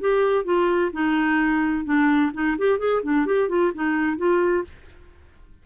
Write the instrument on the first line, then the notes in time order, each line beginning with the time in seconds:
clarinet
0.00 G4
0.44 F4
0.92 D#4
1.85 D4
2.33 D#4
2.58 G4
2.78 G#4
3.03 D4
3.26 G4
3.49 F4
3.74 D#4
4.17 F4